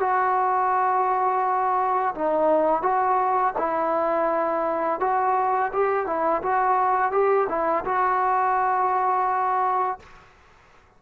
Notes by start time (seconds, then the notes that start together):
0.00 F#4
2.15 D#4
2.82 F#4
3.58 E4
5.00 F#4
5.73 G4
6.06 E4
6.43 F#4
7.12 G4
7.49 E4
7.85 F#4